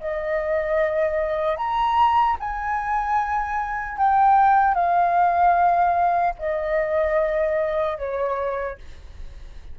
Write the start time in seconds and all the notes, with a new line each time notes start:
0.00 D#5
1.57 A#5
2.40 G#5
3.98 G5
4.75 F5
6.39 D#5
7.98 C#5